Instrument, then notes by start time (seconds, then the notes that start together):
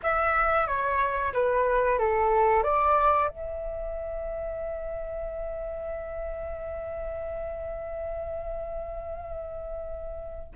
flute
0.02 E5
0.67 C#5
1.33 B4
1.98 A4
2.63 D5
3.28 E5